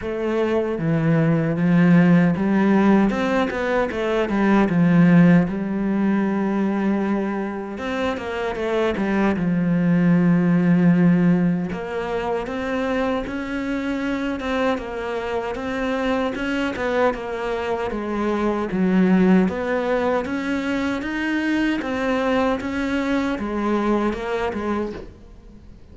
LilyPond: \new Staff \with { instrumentName = "cello" } { \time 4/4 \tempo 4 = 77 a4 e4 f4 g4 | c'8 b8 a8 g8 f4 g4~ | g2 c'8 ais8 a8 g8 | f2. ais4 |
c'4 cis'4. c'8 ais4 | c'4 cis'8 b8 ais4 gis4 | fis4 b4 cis'4 dis'4 | c'4 cis'4 gis4 ais8 gis8 | }